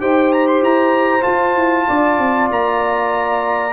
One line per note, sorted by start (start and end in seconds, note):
0.00 0.61 D#4
0.00 1.21 G4
0.00 1.89 C5
0.00 0.33 G5
0.33 0.48 A#5
0.48 0.63 C6
0.61 1.24 E4
0.61 1.24 A#5
1.21 3.71 F4
1.21 1.55 F4
1.21 2.49 A5
1.55 1.87 E4
1.89 2.19 D4
1.89 3.73 D5
2.19 2.50 C4
2.50 3.73 A#3
2.50 3.73 A#5